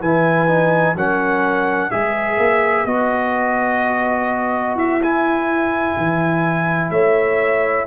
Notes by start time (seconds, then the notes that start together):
0.00 E3 E4 B4 G#5
0.48 D#4
0.95 F#3 C#4 A#4 F#5
1.91 G#3 G#4 B4 E5
2.38 A#3
2.85 B3 F#4 D#5
4.76 E4 E5
5.03 E4 G#5
5.97 E3
6.90 A3 C#5 E5